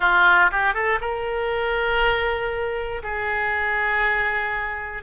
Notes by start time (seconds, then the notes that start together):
0.00 F4
0.51 G4
0.74 A4
1.00 A#4
3.03 G#4